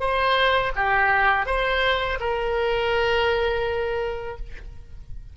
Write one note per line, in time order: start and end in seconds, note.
0.00 0.72 C5
0.76 1.46 G4
1.46 2.19 C5
2.20 4.37 A#4